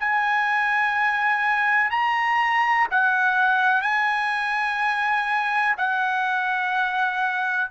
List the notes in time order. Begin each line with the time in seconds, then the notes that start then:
0.00 G#5
1.91 A#5
2.91 F#5
3.82 G#5
5.78 F#5